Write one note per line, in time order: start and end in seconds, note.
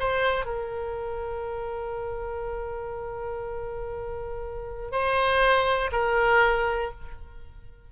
0.00 0.46 C5
0.46 4.92 A#4
4.92 5.91 C5
5.92 6.92 A#4